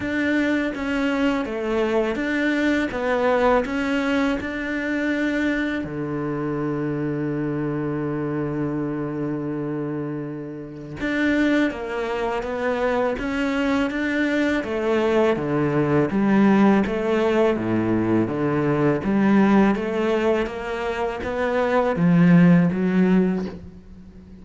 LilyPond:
\new Staff \with { instrumentName = "cello" } { \time 4/4 \tempo 4 = 82 d'4 cis'4 a4 d'4 | b4 cis'4 d'2 | d1~ | d2. d'4 |
ais4 b4 cis'4 d'4 | a4 d4 g4 a4 | a,4 d4 g4 a4 | ais4 b4 f4 fis4 | }